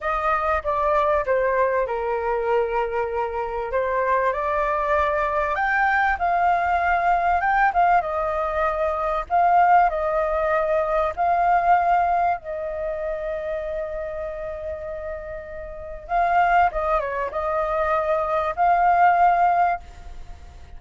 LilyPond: \new Staff \with { instrumentName = "flute" } { \time 4/4 \tempo 4 = 97 dis''4 d''4 c''4 ais'4~ | ais'2 c''4 d''4~ | d''4 g''4 f''2 | g''8 f''8 dis''2 f''4 |
dis''2 f''2 | dis''1~ | dis''2 f''4 dis''8 cis''8 | dis''2 f''2 | }